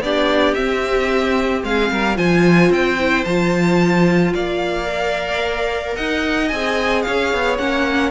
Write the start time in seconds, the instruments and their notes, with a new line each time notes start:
0.00 cello B3, viola D4, violin G4 D5
0.54 viola C4, cello C4, violin E5
1.63 cello G#3, violin G#4 F5
1.91 cello G3, violin A#4
2.15 cello F3, viola F4, violin C5 G#5
2.70 cello C4, violin G5
2.99 viola E4
3.24 cello F3, viola F4, violin A5
4.34 cello A#3, violin D5 F5
4.85 viola A#4
5.95 cello D#4, violin D#5 F#5
6.48 cello C4, viola G#4, violin G#5
7.02 cello C#4, violin C#5 F5
7.33 cello B3
7.58 cello A#3, viola C#4, violin F#5